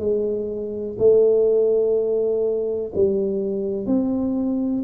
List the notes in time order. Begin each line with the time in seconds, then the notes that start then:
0.00 G#3
0.99 A3
2.95 G3
3.87 C4